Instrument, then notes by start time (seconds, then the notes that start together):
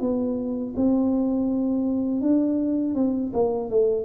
tuba
0.00 B3
0.76 C4
2.21 D4
2.95 C4
3.33 A#3
3.70 A3